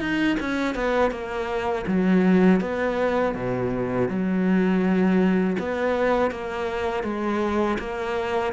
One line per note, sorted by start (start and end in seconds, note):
0.00 0.37 D#4
0.40 0.75 C#4
0.75 1.11 B3
1.11 1.85 A#3
1.87 2.61 F#3
2.61 3.35 B3
3.35 4.09 B2
4.09 5.57 F#3
5.59 6.31 B3
6.31 7.04 A#3
7.04 7.78 G#3
7.79 8.53 A#3